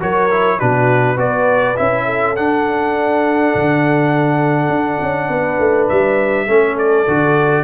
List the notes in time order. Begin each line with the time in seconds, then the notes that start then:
0.00 F#3 F#4 A#4 C#5
0.30 E4
0.58 B2 D4 F#4 B4
1.16 B3 F#4 B4 D5
1.76 C#4 E4 E5
2.05 A4
2.36 D4 F#5
3.55 D3
4.69 D4
5.01 C#4
5.28 B3 B4
5.59 A3
5.88 G3 E5
6.47 A3 C#4 A4
6.78 D5
7.07 D3 F#4